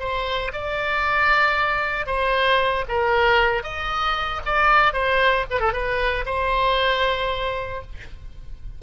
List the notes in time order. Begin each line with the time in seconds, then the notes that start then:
0.00 C5
0.53 D5
2.07 C5
2.89 A#4
3.64 D#5
4.46 D5
4.94 C5
5.51 B4
5.60 A4
5.73 B4
6.26 C5